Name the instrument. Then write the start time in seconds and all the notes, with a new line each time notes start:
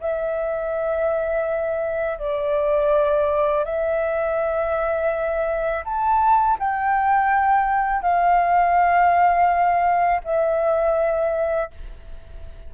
flute
0.00 E5
2.19 D5
3.65 E5
5.85 A5
6.59 G5
8.02 F5
10.24 E5